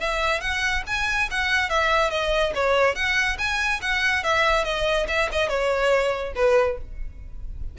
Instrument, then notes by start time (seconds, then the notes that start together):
violin
0.00 E5
0.41 F#5
0.87 G#5
1.31 F#5
1.70 E5
2.10 D#5
2.55 C#5
2.95 F#5
3.38 G#5
3.81 F#5
4.23 E5
4.64 D#5
5.08 E5
5.32 D#5
5.49 C#5
6.35 B4